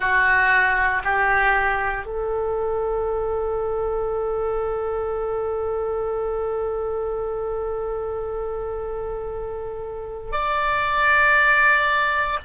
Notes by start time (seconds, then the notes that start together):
0.00 F#4
1.03 G4
2.05 A4
10.32 D5